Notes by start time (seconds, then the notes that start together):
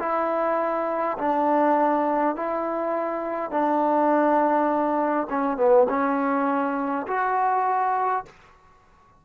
0.00 E4
1.19 D4
2.36 E4
3.51 D4
5.30 C#4
5.58 B3
5.89 C#4
7.07 F#4